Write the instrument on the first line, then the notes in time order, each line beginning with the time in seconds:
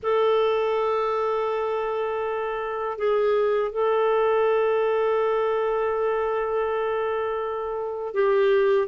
clarinet
0.02 A4
2.98 G#4
3.72 A4
8.13 G4